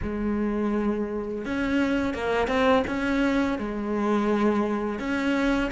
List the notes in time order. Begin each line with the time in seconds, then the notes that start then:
0.02 G#3
1.44 C#4
2.14 A#3
2.47 C4
2.87 C#4
3.58 G#3
4.99 C#4